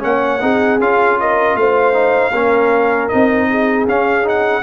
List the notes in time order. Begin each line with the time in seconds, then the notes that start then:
0.00 A#3 C#4 C#5 F#5
0.41 C4 D#4 G#4
0.80 C#4 F4 F5
1.20 A#4 D#5
1.55 A3 C5 F5
1.93 D#4
2.32 A#3 C#4 A#4
3.08 C4 D#4 D#5
3.50 G#4
3.88 C#4 F5
4.24 D#4 F#5